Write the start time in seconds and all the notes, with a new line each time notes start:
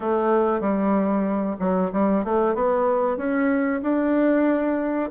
0.00 A3
0.60 G3
1.59 F#3
1.92 G3
2.24 A3
2.54 B3
3.17 C#4
3.82 D4